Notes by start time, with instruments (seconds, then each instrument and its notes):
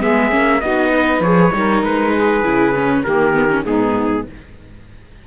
0.00 cello G#3, viola B3, saxophone G#4, trumpet E5
0.31 cello A#3, viola C#4
0.61 cello B3, viola D#4, saxophone F#4, trumpet D#5
0.94 saxophone B4
1.21 cello F3, viola G#4, trumpet C#5
1.53 cello G3, viola D#4, saxophone A#4
1.83 cello G#3, trumpet B4
2.14 saxophone G#4
2.44 cello C#3, viola E4
2.75 viola C#4
3.04 cello D#3, viola A#3, saxophone G4, trumpet A#4
3.34 viola B3
3.51 viola C#4
3.65 cello G#2, viola B3, saxophone D#4, trumpet G#4